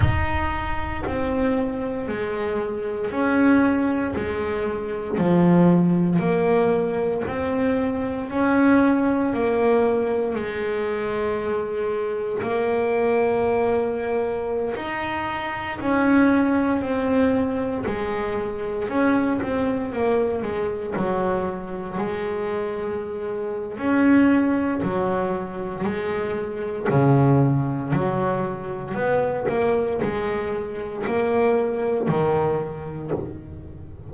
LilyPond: \new Staff \with { instrumentName = "double bass" } { \time 4/4 \tempo 4 = 58 dis'4 c'4 gis4 cis'4 | gis4 f4 ais4 c'4 | cis'4 ais4 gis2 | ais2~ ais16 dis'4 cis'8.~ |
cis'16 c'4 gis4 cis'8 c'8 ais8 gis16~ | gis16 fis4 gis4.~ gis16 cis'4 | fis4 gis4 cis4 fis4 | b8 ais8 gis4 ais4 dis4 | }